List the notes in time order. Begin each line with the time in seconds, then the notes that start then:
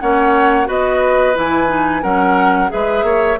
0.00 A#3 C#4 C#5 F#5
0.65 B3 F#4 B4 D#5
1.34 E3 E4 G#5
1.67 D#4
2.02 F#3 C#4 A#4 F#5
2.69 G#3 G#4 B4 E5
3.03 A#3 C#5